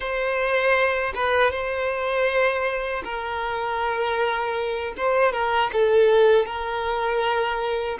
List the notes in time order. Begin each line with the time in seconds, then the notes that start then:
0.00 C5
1.14 B4
1.51 C5
3.04 A#4
4.97 C5
5.32 A#4
5.72 A4
6.46 A#4